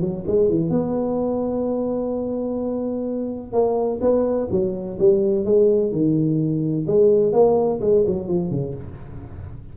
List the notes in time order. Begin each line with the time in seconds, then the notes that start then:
0.00 F#3
0.27 G#3
0.49 E3
0.69 B3
3.52 A#3
4.01 B3
4.51 F#3
4.99 G3
5.45 G#3
5.91 D#3
6.87 G#3
7.32 A#3
7.81 G#3
8.06 F#3
8.27 F3
8.50 C#3